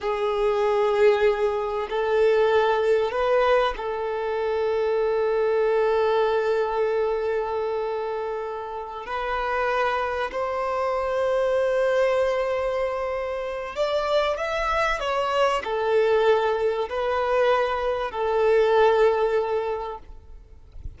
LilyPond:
\new Staff \with { instrumentName = "violin" } { \time 4/4 \tempo 4 = 96 gis'2. a'4~ | a'4 b'4 a'2~ | a'1~ | a'2~ a'8 b'4.~ |
b'8 c''2.~ c''8~ | c''2 d''4 e''4 | cis''4 a'2 b'4~ | b'4 a'2. | }